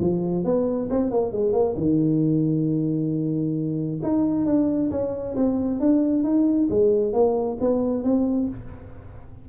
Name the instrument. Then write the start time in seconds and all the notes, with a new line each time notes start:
tuba
0.00 F3
0.44 B3
0.90 C4
1.11 A#3
1.32 G#3
1.53 A#3
1.77 D#3
4.03 D#4
4.46 D4
4.91 C#4
5.36 C4
5.80 D4
6.24 D#4
6.70 G#3
7.13 A#3
7.60 B3
8.04 C4